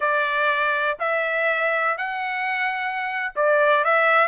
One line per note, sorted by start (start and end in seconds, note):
0.00 0.98 D5
0.99 1.97 E5
1.97 3.33 F#5
3.35 3.84 D5
3.84 4.27 E5